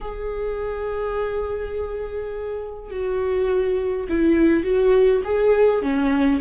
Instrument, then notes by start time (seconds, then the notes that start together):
viola
0.00 G#4
2.90 F#4
4.09 E4
4.63 F#4
5.24 G#4
5.82 C#4